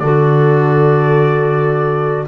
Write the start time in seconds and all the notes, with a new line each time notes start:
0.00 D3 F#4 A4 D5